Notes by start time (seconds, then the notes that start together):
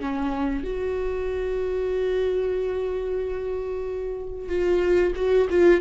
0.00 C#4
0.64 F#4
4.48 F4
5.16 F#4
5.50 F4